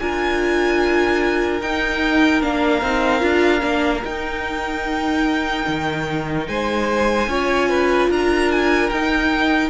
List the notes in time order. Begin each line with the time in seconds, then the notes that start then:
0.00 D4 F4 A#4 G#5
1.61 D#4 G5
2.42 A#3 D4 F5
2.82 C4 D#4
3.20 D4 F4
3.61 A#3 D4
4.05 D#4 G5
5.68 D#3
6.48 G#3 C5 G#5
7.28 C#4 F4 C#5
7.70 B4
8.10 D4 A#4 A#5
8.52 G#5
8.90 D#4 G5